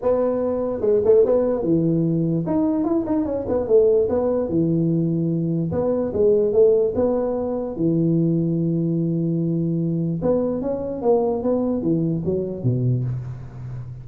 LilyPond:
\new Staff \with { instrumentName = "tuba" } { \time 4/4 \tempo 4 = 147 b2 gis8 a8 b4 | e2 dis'4 e'8 dis'8 | cis'8 b8 a4 b4 e4~ | e2 b4 gis4 |
a4 b2 e4~ | e1~ | e4 b4 cis'4 ais4 | b4 e4 fis4 b,4 | }